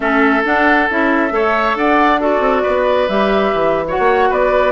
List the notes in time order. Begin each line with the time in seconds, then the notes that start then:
0.00 A3 C#4 A4 E5
0.44 D4 F#5
0.90 C#4 E4 E5
1.30 A3 A4 C#5
1.75 D4 D5 F#5
2.20 F#4 A4 D5
2.39 C4
2.62 B3 B4
3.08 G3 G4 E5
3.53 E3
3.87 F#4 C#5 F#5
3.98 A#3
4.29 B3 B4 D5